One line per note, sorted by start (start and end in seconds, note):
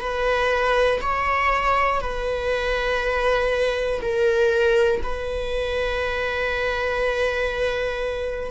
0.00 1.00 B4
1.01 2.01 C#5
2.01 4.01 B4
4.02 5.02 A#4
5.02 8.51 B4